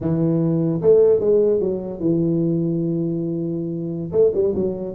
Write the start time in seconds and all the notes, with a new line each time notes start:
0.00 E3
0.81 A3
1.20 G#3
1.60 F#3
2.00 E3
4.11 A3
4.34 G3
4.54 F#3